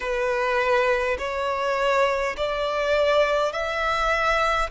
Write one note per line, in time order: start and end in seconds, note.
0.00 1.17 B4
1.18 2.36 C#5
2.36 3.52 D5
3.52 4.70 E5